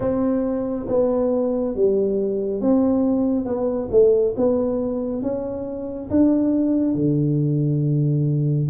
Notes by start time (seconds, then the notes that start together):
0.00 C4
0.88 B3
1.75 G3
2.60 C4
3.45 B3
3.91 A3
4.36 B3
5.22 C#4
6.09 D4
6.94 D3